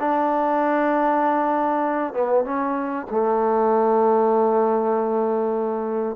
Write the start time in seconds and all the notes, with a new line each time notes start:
0.00 D4
2.14 B3
2.45 C#4
3.11 A3